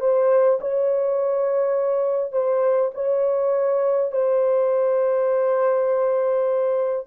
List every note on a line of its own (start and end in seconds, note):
0.00 0.59 C5
0.60 2.32 C#5
2.32 2.91 C5
2.94 4.12 C#5
4.12 7.06 C5